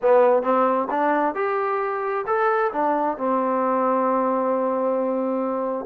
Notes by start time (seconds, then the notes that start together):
0.01 B3
0.42 C4
0.90 D4
1.35 G4
2.26 A4
2.72 D4
3.17 C4